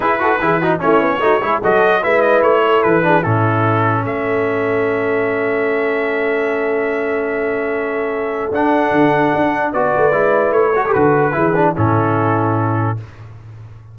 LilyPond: <<
  \new Staff \with { instrumentName = "trumpet" } { \time 4/4 \tempo 4 = 148 b'2 cis''2 | dis''4 e''8 dis''8 cis''4 b'4 | a'2 e''2~ | e''1~ |
e''1~ | e''4 fis''2. | d''2 cis''4 b'4~ | b'4 a'2. | }
  \new Staff \with { instrumentName = "horn" } { \time 4/4 gis'8 a'8 gis'8 fis'8 e'4 fis'8 gis'8 | a'4 b'4. a'4 gis'8 | e'2 a'2~ | a'1~ |
a'1~ | a'1 | b'2~ b'8 a'4. | gis'4 e'2. | }
  \new Staff \with { instrumentName = "trombone" } { \time 4/4 e'8 fis'8 e'8 dis'8 cis'4 dis'8 e'8 | fis'4 e'2~ e'8 d'8 | cis'1~ | cis'1~ |
cis'1~ | cis'4 d'2. | fis'4 e'4. fis'16 g'16 fis'4 | e'8 d'8 cis'2. | }
  \new Staff \with { instrumentName = "tuba" } { \time 4/4 e'4 e4 a8 b8 a8 gis8 | fis4 gis4 a4 e4 | a,2 a2~ | a1~ |
a1~ | a4 d'4 d4 d'4 | b8 a8 gis4 a4 d4 | e4 a,2. | }
>>